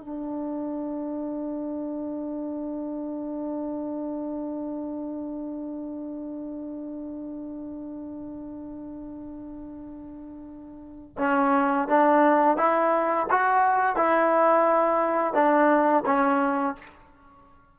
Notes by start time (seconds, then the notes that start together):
0.00 D4
11.18 C#4
11.88 D4
12.57 E4
13.30 F#4
13.96 E4
15.34 D4
16.05 C#4